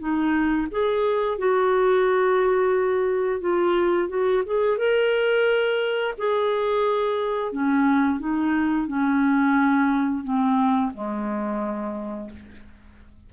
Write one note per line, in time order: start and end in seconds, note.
0.00 0.68 D#4
0.71 1.39 G#4
1.39 3.41 F#4
3.41 4.09 F4
4.09 4.43 F#4
4.46 4.78 G#4
4.78 6.15 A#4
6.18 7.53 G#4
7.53 8.20 C#4
8.20 8.88 D#4
8.88 10.24 C#4
10.24 10.92 C4
10.94 12.31 G#3